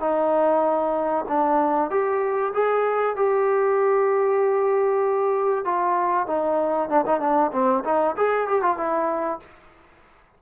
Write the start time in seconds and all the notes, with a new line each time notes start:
0.00 D#4
1.28 D4
1.90 G4
2.53 G#4
3.16 G4
5.65 F4
6.27 D#4
6.89 D4
7.06 D#4
7.20 D4
7.52 C4
7.84 D#4
8.17 G#4
8.47 G4
8.62 F4
8.77 E4